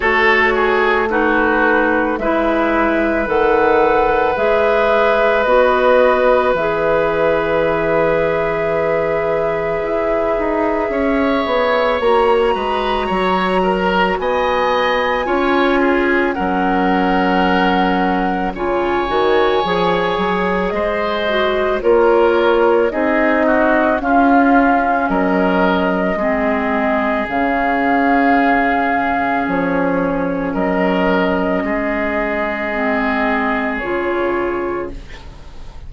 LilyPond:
<<
  \new Staff \with { instrumentName = "flute" } { \time 4/4 \tempo 4 = 55 cis''4 b'4 e''4 fis''4 | e''4 dis''4 e''2~ | e''2. ais''4~ | ais''4 gis''2 fis''4~ |
fis''4 gis''2 dis''4 | cis''4 dis''4 f''4 dis''4~ | dis''4 f''2 cis''4 | dis''2. cis''4 | }
  \new Staff \with { instrumentName = "oboe" } { \time 4/4 a'8 gis'8 fis'4 b'2~ | b'1~ | b'2 cis''4. b'8 | cis''8 ais'8 dis''4 cis''8 gis'8 ais'4~ |
ais'4 cis''2 c''4 | ais'4 gis'8 fis'8 f'4 ais'4 | gis'1 | ais'4 gis'2. | }
  \new Staff \with { instrumentName = "clarinet" } { \time 4/4 fis'4 dis'4 e'4 a'4 | gis'4 fis'4 gis'2~ | gis'2. fis'4~ | fis'2 f'4 cis'4~ |
cis'4 f'8 fis'8 gis'4. fis'8 | f'4 dis'4 cis'2 | c'4 cis'2.~ | cis'2 c'4 f'4 | }
  \new Staff \with { instrumentName = "bassoon" } { \time 4/4 a2 gis4 dis4 | gis4 b4 e2~ | e4 e'8 dis'8 cis'8 b8 ais8 gis8 | fis4 b4 cis'4 fis4~ |
fis4 cis8 dis8 f8 fis8 gis4 | ais4 c'4 cis'4 fis4 | gis4 cis2 f4 | fis4 gis2 cis4 | }
>>